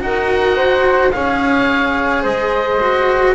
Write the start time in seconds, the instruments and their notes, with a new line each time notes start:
0.00 double bass D#4, cello F#4, flute A#4, oboe F#5
0.56 flute C5
1.12 double bass C#4, cello G#4, flute C#5, oboe F5
2.22 double bass G#3, flute C5, oboe D#5
2.80 cello F#4